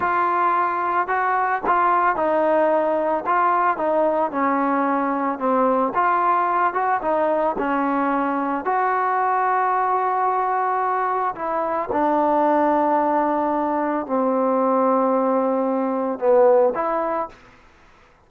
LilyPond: \new Staff \with { instrumentName = "trombone" } { \time 4/4 \tempo 4 = 111 f'2 fis'4 f'4 | dis'2 f'4 dis'4 | cis'2 c'4 f'4~ | f'8 fis'8 dis'4 cis'2 |
fis'1~ | fis'4 e'4 d'2~ | d'2 c'2~ | c'2 b4 e'4 | }